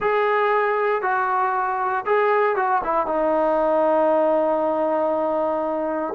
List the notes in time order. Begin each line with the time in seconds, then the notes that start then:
0.00 G#4
1.02 F#4
2.05 G#4
2.55 F#4
2.83 E4
3.06 D#4